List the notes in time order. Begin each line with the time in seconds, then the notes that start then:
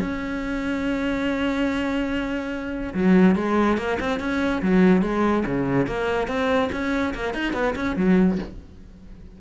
0.00 C#4
2.94 F#3
3.36 G#3
3.78 A#3
4.00 C4
4.20 C#4
4.62 F#3
5.02 G#3
5.46 C#3
5.87 A#3
6.28 C4
6.72 C#4
7.14 A#3
7.34 D#4
7.53 B3
7.76 C#4
7.96 F#3